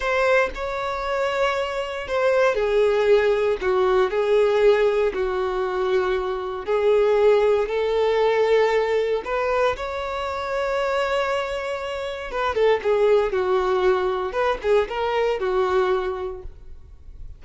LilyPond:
\new Staff \with { instrumentName = "violin" } { \time 4/4 \tempo 4 = 117 c''4 cis''2. | c''4 gis'2 fis'4 | gis'2 fis'2~ | fis'4 gis'2 a'4~ |
a'2 b'4 cis''4~ | cis''1 | b'8 a'8 gis'4 fis'2 | b'8 gis'8 ais'4 fis'2 | }